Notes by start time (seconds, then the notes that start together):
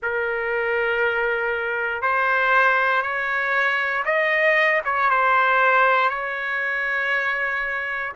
0.02 A#4
2.02 C5
3.02 C#5
4.04 D#5
4.84 C#5
5.10 C5
6.09 C#5